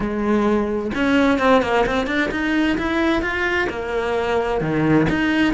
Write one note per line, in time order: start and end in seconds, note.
0.00 0.91 G#3
0.94 1.38 C#4
1.38 1.62 C4
1.62 1.85 A#3
1.86 2.06 C4
2.06 2.30 D4
2.31 2.77 D#4
2.78 3.22 E4
3.22 3.68 F4
3.69 4.60 A#3
4.60 5.06 D#3
5.09 5.53 D#4